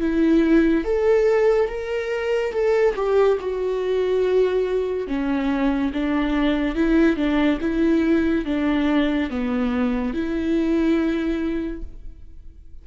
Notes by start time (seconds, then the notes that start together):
0.00 E4
0.85 A4
1.69 A#4
2.52 A4
2.96 G4
3.40 F#4
5.07 C#4
5.93 D4
6.75 E4
7.16 D4
7.61 E4
8.45 D4
9.30 B3
10.14 E4